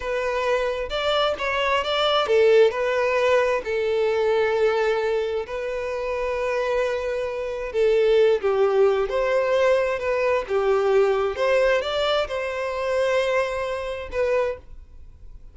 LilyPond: \new Staff \with { instrumentName = "violin" } { \time 4/4 \tempo 4 = 132 b'2 d''4 cis''4 | d''4 a'4 b'2 | a'1 | b'1~ |
b'4 a'4. g'4. | c''2 b'4 g'4~ | g'4 c''4 d''4 c''4~ | c''2. b'4 | }